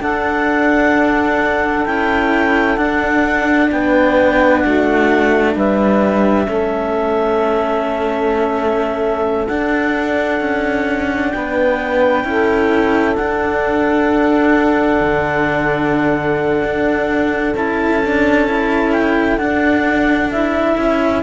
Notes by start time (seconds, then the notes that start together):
0.00 D4 A4 F#5
1.86 C#4 E4 G5
2.77 D4 F#5
3.72 B3 B4 G5
4.60 A3 F#4 F#5
5.56 G3 B4 E5
6.47 A3 C#4 A4
9.47 D4 F#5
10.41 C#4
11.31 B3 B4 G5
12.24 C#4 E4 A4
13.16 D4 F#5
15.02 D3
16.64 D4
17.55 C#4 E4 A5
18.05 D4
18.48 E4
18.93 G5
19.38 D4 F#5
20.31 E4 E5
20.78 C#4